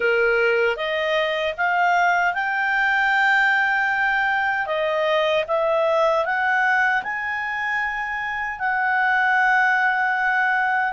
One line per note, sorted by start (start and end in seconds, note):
0.00 0.76 A#4
0.76 1.54 D#5
1.57 2.34 F5
2.34 4.66 G5
4.66 5.44 D#5
5.47 6.25 E5
6.25 7.03 F#5
7.03 8.59 G#5
8.59 10.92 F#5